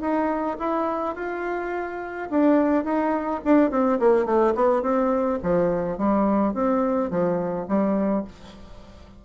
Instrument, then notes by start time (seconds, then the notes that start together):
bassoon
0.00 D#4
0.58 E4
1.15 F4
2.30 D4
2.84 D#4
3.44 D4
3.70 C4
3.99 A#3
4.25 A3
4.55 B3
4.82 C4
5.42 F3
5.97 G3
6.54 C4
7.10 F3
7.67 G3